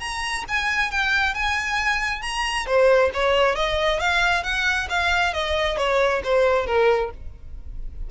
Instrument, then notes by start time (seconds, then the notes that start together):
violin
0.00 A#5
0.48 G#5
0.91 G5
1.34 G#5
2.22 A#5
2.66 C5
3.14 C#5
3.55 D#5
4.00 F5
4.44 F#5
4.89 F5
5.34 D#5
5.77 C#5
6.24 C5
6.66 A#4